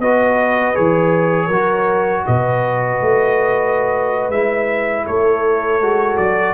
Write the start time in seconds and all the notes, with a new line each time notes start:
0.00 B3 F#4 B4 D#5
0.75 E3 G#4 C#5
1.47 F#3 F#4 A#4
2.27 B2 B4 D#5
3.02 A3
4.30 G#3 E4 E5
5.06 A3 A4 C#5
5.80 G#3 F#4
6.18 F#3 D5